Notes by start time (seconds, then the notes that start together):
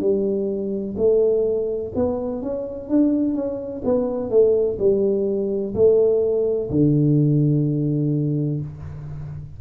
0.00 G3
0.97 A3
1.95 B3
2.42 C#4
2.89 D4
3.35 C#4
3.84 B3
4.30 A3
4.79 G3
5.74 A3
6.70 D3